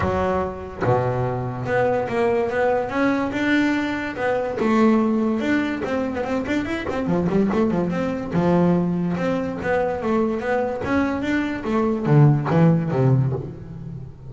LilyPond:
\new Staff \with { instrumentName = "double bass" } { \time 4/4 \tempo 4 = 144 fis2 b,2 | b4 ais4 b4 cis'4 | d'2 b4 a4~ | a4 d'4 c'8. b16 c'8 d'8 |
e'8 c'8 f8 g8 a8 f8 c'4 | f2 c'4 b4 | a4 b4 cis'4 d'4 | a4 d4 e4 c4 | }